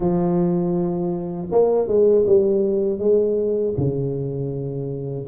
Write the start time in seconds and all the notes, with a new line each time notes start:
0.00 F3
1.51 A#3
1.88 G#3
2.26 G3
2.98 G#3
3.77 C#3